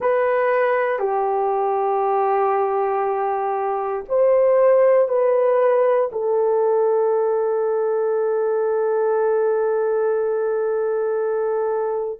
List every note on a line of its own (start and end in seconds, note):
0.00 0.99 B4
0.99 4.04 G4
4.08 5.08 C5
5.08 6.10 B4
6.12 12.19 A4